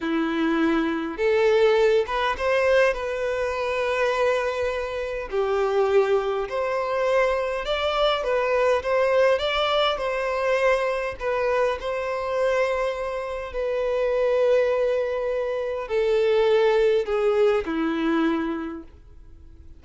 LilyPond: \new Staff \with { instrumentName = "violin" } { \time 4/4 \tempo 4 = 102 e'2 a'4. b'8 | c''4 b'2.~ | b'4 g'2 c''4~ | c''4 d''4 b'4 c''4 |
d''4 c''2 b'4 | c''2. b'4~ | b'2. a'4~ | a'4 gis'4 e'2 | }